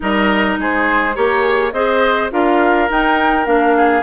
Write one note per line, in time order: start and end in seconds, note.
0.00 0.58 G3
0.00 1.12 D#4
0.00 0.59 A#4
0.00 0.59 D#5
0.58 1.16 G#3
0.58 1.15 G#4
0.58 1.16 C5
1.14 1.72 A#3
1.14 1.72 G4
1.14 1.41 A#4
1.14 1.73 C#5
1.41 1.70 G#4
1.72 2.30 C4
1.72 2.31 G#4
1.72 2.31 C5
1.72 2.29 D#5
2.31 2.89 D4
2.31 2.88 F4
2.31 3.77 A#4
2.31 2.90 F5
2.88 3.45 D#4
2.88 3.46 D#4
2.88 3.46 G5
3.45 4.02 A#3
3.45 4.02 D4
3.45 4.02 F5
3.77 4.02 G#4